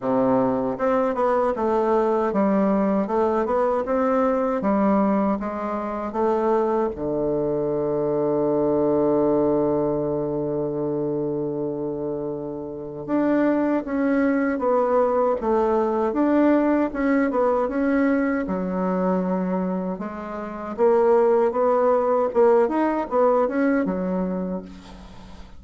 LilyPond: \new Staff \with { instrumentName = "bassoon" } { \time 4/4 \tempo 4 = 78 c4 c'8 b8 a4 g4 | a8 b8 c'4 g4 gis4 | a4 d2.~ | d1~ |
d4 d'4 cis'4 b4 | a4 d'4 cis'8 b8 cis'4 | fis2 gis4 ais4 | b4 ais8 dis'8 b8 cis'8 fis4 | }